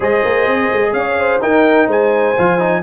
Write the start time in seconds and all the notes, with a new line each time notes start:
0.00 G#3 G#4 C5 D#5
0.24 A#3
0.47 C4
0.72 G#3
0.92 C#4 C#5 F5
1.19 C5
1.40 D#4 A#4 G5
1.87 G#3 C5 G#5
2.38 F3 F4
2.59 D#4